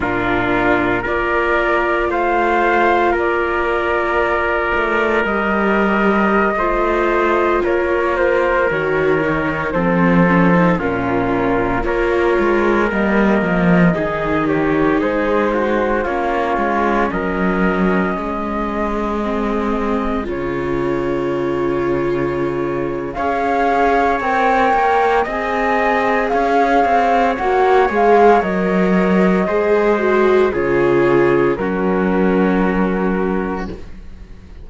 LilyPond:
<<
  \new Staff \with { instrumentName = "flute" } { \time 4/4 \tempo 4 = 57 ais'4 d''4 f''4 d''4~ | d''4 dis''2~ dis''16 cis''8 c''16~ | c''16 cis''4 c''4 ais'4 cis''8.~ | cis''16 dis''4. cis''8 c''4 cis''8.~ |
cis''16 dis''2. cis''8.~ | cis''2 f''4 g''4 | gis''4 f''4 fis''8 f''8 dis''4~ | dis''4 cis''4 ais'2 | }
  \new Staff \with { instrumentName = "trumpet" } { \time 4/4 f'4 ais'4 c''4 ais'4~ | ais'2~ ais'16 c''4 ais'8.~ | ais'4~ ais'16 a'4 f'4 ais'8.~ | ais'4~ ais'16 gis'8 g'8 gis'8 fis'8 f'8.~ |
f'16 ais'4 gis'2~ gis'8.~ | gis'2 cis''2 | dis''4 cis''2. | c''4 gis'4 fis'2 | }
  \new Staff \with { instrumentName = "viola" } { \time 4/4 d'4 f'2.~ | f'4 g'4~ g'16 f'4.~ f'16~ | f'16 fis'8 dis'8 c'8 cis'16 dis'16 cis'4 f'8.~ | f'16 ais4 dis'2 cis'8.~ |
cis'2~ cis'16 c'4 f'8.~ | f'2 gis'4 ais'4 | gis'2 fis'8 gis'8 ais'4 | gis'8 fis'8 f'4 cis'2 | }
  \new Staff \with { instrumentName = "cello" } { \time 4/4 ais,4 ais4 a4 ais4~ | ais8 a8 g4~ g16 a4 ais8.~ | ais16 dis4 f4 ais,4 ais8 gis16~ | gis16 g8 f8 dis4 gis4 ais8 gis16~ |
gis16 fis4 gis2 cis8.~ | cis2 cis'4 c'8 ais8 | c'4 cis'8 c'8 ais8 gis8 fis4 | gis4 cis4 fis2 | }
>>